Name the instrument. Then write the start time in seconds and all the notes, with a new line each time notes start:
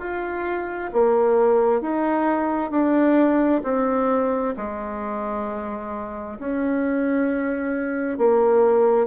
bassoon
0.00 F4
0.93 A#3
1.81 D#4
2.71 D4
3.64 C4
4.57 G#3
6.40 C#4
8.19 A#3